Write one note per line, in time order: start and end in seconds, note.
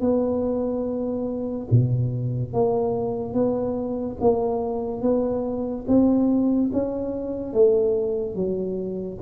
0.00 1.67 B3
1.70 2.53 B2
2.53 3.33 A#3
3.33 4.17 B3
4.20 5.01 A#3
5.01 5.84 B3
5.87 6.70 C4
6.72 7.53 C#4
7.53 8.35 A3
8.35 9.18 F#3